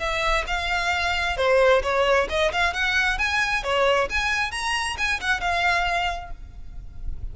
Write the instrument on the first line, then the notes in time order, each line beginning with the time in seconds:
violin
0.00 E5
0.48 F5
1.38 C5
1.83 C#5
2.30 D#5
2.52 F5
2.74 F#5
3.19 G#5
3.64 C#5
4.10 G#5
4.52 A#5
4.98 G#5
5.21 F#5
5.41 F5